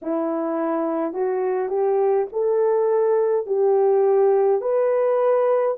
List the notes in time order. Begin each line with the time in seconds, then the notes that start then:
0.02 E4
1.13 F#4
1.68 G4
2.32 A4
3.46 G4
4.61 B4